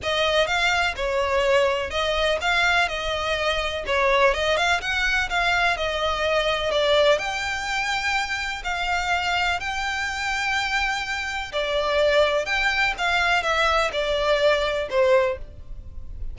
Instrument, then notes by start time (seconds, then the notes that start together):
violin
0.02 D#5
0.46 F5
0.96 C#5
1.90 D#5
2.41 F5
2.88 D#5
3.86 C#5
4.34 D#5
4.56 F5
4.81 F#5
5.29 F5
5.76 D#5
6.71 D5
7.18 G5
8.64 F5
9.60 G5
11.52 D5
12.45 G5
12.98 F5
13.42 E5
13.92 D5
14.90 C5